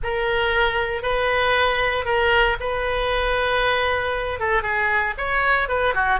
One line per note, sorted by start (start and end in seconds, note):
0.03 1.02 A#4
1.02 2.05 B4
2.05 2.57 A#4
2.60 4.39 B4
4.39 4.62 A4
4.62 5.14 G#4
5.17 5.68 C#5
5.68 5.94 B4
5.94 6.19 F#4